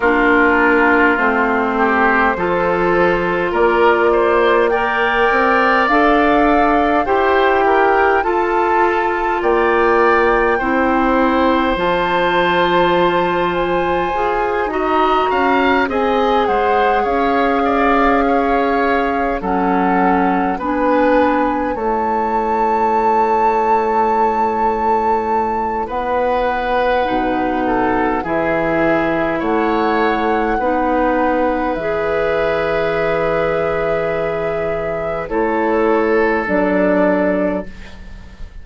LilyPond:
<<
  \new Staff \with { instrumentName = "flute" } { \time 4/4 \tempo 4 = 51 ais'4 c''2 d''4 | g''4 f''4 g''4 a''4 | g''2 a''4. gis''8~ | gis''8 ais''4 gis''8 fis''8 f''4.~ |
f''8 fis''4 gis''4 a''4.~ | a''2 fis''2 | e''4 fis''2 e''4~ | e''2 cis''4 d''4 | }
  \new Staff \with { instrumentName = "oboe" } { \time 4/4 f'4. g'8 a'4 ais'8 c''8 | d''2 c''8 ais'8 a'4 | d''4 c''2.~ | c''8 dis''8 f''8 dis''8 c''8 cis''8 d''8 cis''8~ |
cis''8 a'4 b'4 cis''4.~ | cis''2 b'4. a'8 | gis'4 cis''4 b'2~ | b'2 a'2 | }
  \new Staff \with { instrumentName = "clarinet" } { \time 4/4 d'4 c'4 f'2 | ais'4 a'4 g'4 f'4~ | f'4 e'4 f'2 | gis'8 fis'4 gis'2~ gis'8~ |
gis'8 cis'4 d'4 e'4.~ | e'2. dis'4 | e'2 dis'4 gis'4~ | gis'2 e'4 d'4 | }
  \new Staff \with { instrumentName = "bassoon" } { \time 4/4 ais4 a4 f4 ais4~ | ais8 c'8 d'4 e'4 f'4 | ais4 c'4 f2 | f'8 dis'8 cis'8 c'8 gis8 cis'4.~ |
cis'8 fis4 b4 a4.~ | a2 b4 b,4 | e4 a4 b4 e4~ | e2 a4 fis4 | }
>>